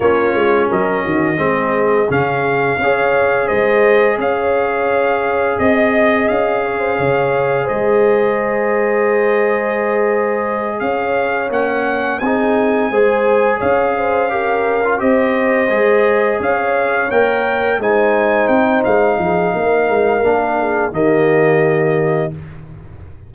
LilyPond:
<<
  \new Staff \with { instrumentName = "trumpet" } { \time 4/4 \tempo 4 = 86 cis''4 dis''2 f''4~ | f''4 dis''4 f''2 | dis''4 f''2 dis''4~ | dis''2.~ dis''8 f''8~ |
f''8 fis''4 gis''2 f''8~ | f''4. dis''2 f''8~ | f''8 g''4 gis''4 g''8 f''4~ | f''2 dis''2 | }
  \new Staff \with { instrumentName = "horn" } { \time 4/4 f'4 ais'8 fis'8 gis'2 | cis''4 c''4 cis''2 | dis''4. cis''16 c''16 cis''4 c''4~ | c''2.~ c''8 cis''8~ |
cis''4. gis'4 c''4 cis''8 | c''8 ais'4 c''2 cis''8~ | cis''4. c''2 gis'8 | ais'4. gis'8 g'2 | }
  \new Staff \with { instrumentName = "trombone" } { \time 4/4 cis'2 c'4 cis'4 | gis'1~ | gis'1~ | gis'1~ |
gis'8 cis'4 dis'4 gis'4.~ | gis'8 g'8. f'16 g'4 gis'4.~ | gis'8 ais'4 dis'2~ dis'8~ | dis'4 d'4 ais2 | }
  \new Staff \with { instrumentName = "tuba" } { \time 4/4 ais8 gis8 fis8 dis8 gis4 cis4 | cis'4 gis4 cis'2 | c'4 cis'4 cis4 gis4~ | gis2.~ gis8 cis'8~ |
cis'8 ais4 c'4 gis4 cis'8~ | cis'4. c'4 gis4 cis'8~ | cis'8 ais4 gis4 c'8 gis8 f8 | ais8 gis8 ais4 dis2 | }
>>